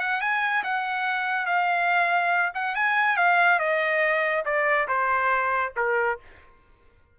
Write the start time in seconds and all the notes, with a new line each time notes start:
0.00 F#5
0.21 G#5
0.63 F#5
1.46 F5
2.54 F#5
2.75 G#5
3.17 F5
3.59 D#5
4.45 D5
4.88 C5
5.76 A#4